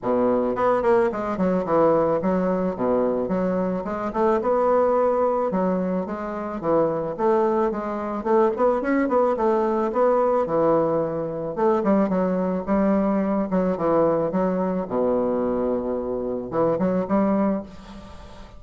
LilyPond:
\new Staff \with { instrumentName = "bassoon" } { \time 4/4 \tempo 4 = 109 b,4 b8 ais8 gis8 fis8 e4 | fis4 b,4 fis4 gis8 a8 | b2 fis4 gis4 | e4 a4 gis4 a8 b8 |
cis'8 b8 a4 b4 e4~ | e4 a8 g8 fis4 g4~ | g8 fis8 e4 fis4 b,4~ | b,2 e8 fis8 g4 | }